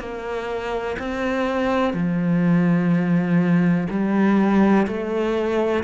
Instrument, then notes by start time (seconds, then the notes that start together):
cello
0.00 A#3
0.99 C4
1.94 F3
3.90 G3
4.87 A3